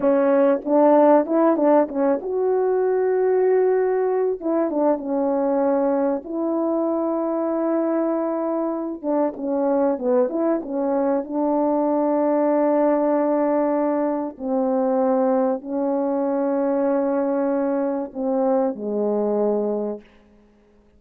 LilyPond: \new Staff \with { instrumentName = "horn" } { \time 4/4 \tempo 4 = 96 cis'4 d'4 e'8 d'8 cis'8 fis'8~ | fis'2. e'8 d'8 | cis'2 e'2~ | e'2~ e'8 d'8 cis'4 |
b8 e'8 cis'4 d'2~ | d'2. c'4~ | c'4 cis'2.~ | cis'4 c'4 gis2 | }